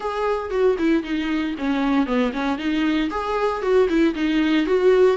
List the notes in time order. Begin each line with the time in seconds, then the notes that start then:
0.00 G#4
0.50 F#4
0.78 E4
1.03 D#4
1.58 C#4
2.06 B3
2.33 C#4
2.58 D#4
3.10 G#4
3.62 F#4
3.88 E4
4.14 D#4
4.66 F#4